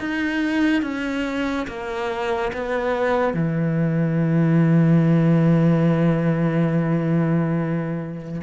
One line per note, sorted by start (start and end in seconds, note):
0.00 0.83 D#4
0.83 1.67 C#4
1.67 2.52 A#3
2.53 3.34 B3
3.34 8.41 E3